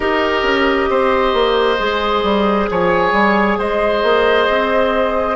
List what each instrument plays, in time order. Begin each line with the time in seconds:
0.00 bassoon D#4, clarinet G4, oboe A#4, flute D#5
0.43 bassoon C#4
0.89 bassoon C4, oboe C5
1.33 bassoon A#3
1.78 bassoon G#3, clarinet G#4
2.23 bassoon G3
2.69 bassoon F3, oboe C#5, flute G#5
3.12 bassoon G3
3.58 bassoon G#3, oboe C5, flute D#5
4.02 bassoon A#3
4.48 bassoon C4